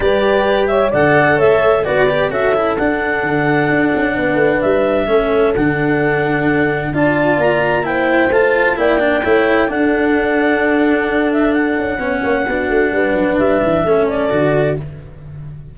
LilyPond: <<
  \new Staff \with { instrumentName = "clarinet" } { \time 4/4 \tempo 4 = 130 d''4. e''8 fis''4 e''4 | d''4 e''4 fis''2~ | fis''2 e''2 | fis''2. a''4 |
ais''4 g''4 a''4 g''4~ | g''4 fis''2.~ | fis''8 e''8 fis''2.~ | fis''4 e''4. d''4. | }
  \new Staff \with { instrumentName = "horn" } { \time 4/4 b'4. cis''8 d''4 cis''4 | b'4 a'2.~ | a'4 b'2 a'4~ | a'2. d''4~ |
d''4 c''2 d''4 | cis''4 a'2.~ | a'2 cis''4 fis'4 | b'2 a'2 | }
  \new Staff \with { instrumentName = "cello" } { \time 4/4 g'2 a'2 | fis'8 g'8 fis'8 e'8 d'2~ | d'2. cis'4 | d'2. f'4~ |
f'4 e'4 f'4 e'8 d'8 | e'4 d'2.~ | d'2 cis'4 d'4~ | d'2 cis'4 fis'4 | }
  \new Staff \with { instrumentName = "tuba" } { \time 4/4 g2 d4 a4 | b4 cis'4 d'4 d4 | d'8 cis'8 b8 a8 g4 a4 | d2. d'4 |
ais2 a4 ais4 | a4 d'2.~ | d'4. cis'8 b8 ais8 b8 a8 | g8 fis8 g8 e8 a4 d4 | }
>>